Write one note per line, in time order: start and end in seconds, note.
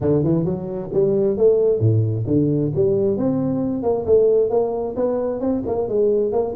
0.00 0.23 D3
0.23 0.44 E3
0.44 0.89 F#3
0.93 1.37 G3
1.37 1.79 A3
1.79 2.24 A2
2.27 2.72 D3
2.75 3.17 G3
3.17 3.82 C4
3.82 4.05 A#3
4.05 4.49 A3
4.49 4.95 A#3
4.96 5.40 B3
5.40 5.62 C4
5.66 5.88 A#3
5.88 6.32 G#3
6.32 6.54 A#3